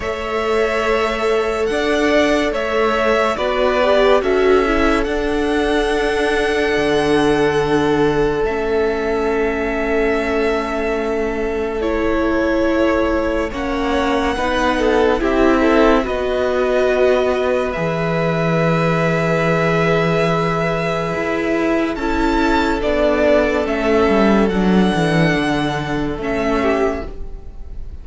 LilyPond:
<<
  \new Staff \with { instrumentName = "violin" } { \time 4/4 \tempo 4 = 71 e''2 fis''4 e''4 | d''4 e''4 fis''2~ | fis''2 e''2~ | e''2 cis''2 |
fis''2 e''4 dis''4~ | dis''4 e''2.~ | e''2 a''4 d''4 | e''4 fis''2 e''4 | }
  \new Staff \with { instrumentName = "violin" } { \time 4/4 cis''2 d''4 cis''4 | b'4 a'2.~ | a'1~ | a'1 |
cis''4 b'8 a'8 g'8 a'8 b'4~ | b'1~ | b'2 a'2~ | a'2.~ a'8 g'8 | }
  \new Staff \with { instrumentName = "viola" } { \time 4/4 a'1 | fis'8 g'8 fis'8 e'8 d'2~ | d'2 cis'2~ | cis'2 e'2 |
cis'4 dis'4 e'4 fis'4~ | fis'4 gis'2.~ | gis'2 e'4 d'4 | cis'4 d'2 cis'4 | }
  \new Staff \with { instrumentName = "cello" } { \time 4/4 a2 d'4 a4 | b4 cis'4 d'2 | d2 a2~ | a1 |
ais4 b4 c'4 b4~ | b4 e2.~ | e4 e'4 cis'4 b4 | a8 g8 fis8 e8 d4 a4 | }
>>